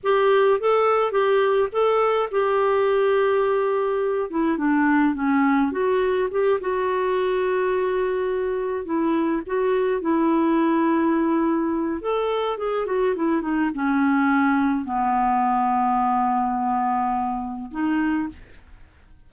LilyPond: \new Staff \with { instrumentName = "clarinet" } { \time 4/4 \tempo 4 = 105 g'4 a'4 g'4 a'4 | g'2.~ g'8 e'8 | d'4 cis'4 fis'4 g'8 fis'8~ | fis'2.~ fis'8 e'8~ |
e'8 fis'4 e'2~ e'8~ | e'4 a'4 gis'8 fis'8 e'8 dis'8 | cis'2 b2~ | b2. dis'4 | }